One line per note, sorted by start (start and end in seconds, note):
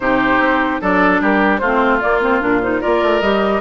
0.00 0.39 C3
0.00 0.81 D#4
0.00 0.81 G4
0.00 0.81 C5
0.39 0.79 C4
0.81 1.20 F#3
0.81 1.61 D4
0.81 1.21 A4
0.81 1.22 D5
1.20 1.61 G3
1.20 1.60 G4
1.20 1.57 A#4
1.57 2.01 A3
1.57 2.81 F4
1.57 1.98 C5
1.64 2.00 C4
2.00 2.20 A#3
2.00 2.41 A#3
2.00 2.20 D5
2.21 2.41 C4
2.21 2.41 C5
2.41 2.81 A#2
2.41 2.61 D4
2.41 2.61 A#4
2.61 2.81 D#4
2.61 2.81 C5
2.81 3.02 A#3
2.81 3.21 F4
2.81 3.61 A#4
2.81 3.21 D5
3.02 3.21 A3
3.21 3.61 G3
3.21 3.61 G4
3.21 3.61 D#5